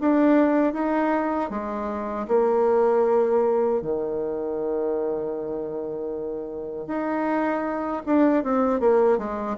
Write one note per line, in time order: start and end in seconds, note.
0.00 0.73 D4
0.73 1.50 D#4
1.50 2.27 G#3
2.27 3.81 A#3
3.81 6.87 D#3
6.87 8.02 D#4
8.06 8.43 D4
8.43 8.80 C4
8.80 9.17 A#3
9.17 9.56 G#3